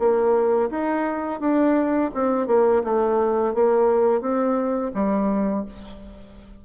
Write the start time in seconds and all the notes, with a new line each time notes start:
0.00 A#3
0.71 D#4
1.41 D4
2.15 C4
2.48 A#3
2.84 A3
3.55 A#3
4.21 C4
4.95 G3